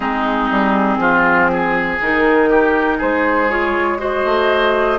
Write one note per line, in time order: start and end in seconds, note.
0.00 0.50 G#3
0.00 1.98 C4
0.00 0.97 D#4
0.00 1.99 G#4
0.50 0.98 G3
0.98 1.98 F3
0.98 1.50 F4
1.51 2.49 G#4
2.00 3.00 D#3
2.00 3.49 D#4
2.00 3.01 A#4
2.49 2.97 G4
2.97 4.25 G#3
2.97 3.97 G#4
2.97 3.50 C5
3.49 3.98 F4
3.49 4.00 C#5
3.98 4.98 F#4
3.98 4.98 C5
3.98 4.98 D#5
4.25 4.98 A3